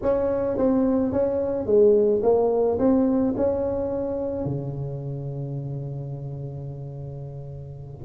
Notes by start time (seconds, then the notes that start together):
0.02 C#4
0.57 C4
1.12 C#4
1.66 G#3
2.22 A#3
2.79 C4
3.37 C#4
4.44 C#3